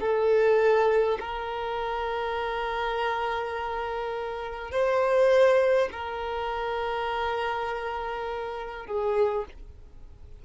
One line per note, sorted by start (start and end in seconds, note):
0.00 1.18 A4
1.19 4.71 A#4
4.71 5.89 C5
5.92 8.86 A#4
8.86 9.45 G#4